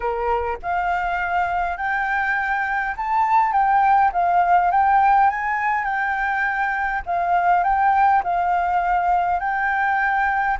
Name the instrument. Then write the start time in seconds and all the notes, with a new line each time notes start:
flute
0.00 A#4
0.62 F5
1.77 G5
2.96 A5
3.52 G5
4.12 F5
4.71 G5
5.29 G#5
5.84 G5
7.06 F5
7.63 G5
8.23 F5
9.39 G5